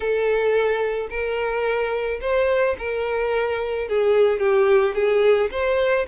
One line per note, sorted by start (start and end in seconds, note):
0.00 1.08 A4
1.10 2.20 A#4
2.21 2.76 C5
2.78 3.88 A#4
3.88 4.39 G#4
4.39 4.94 G4
4.94 5.49 G#4
5.51 6.06 C5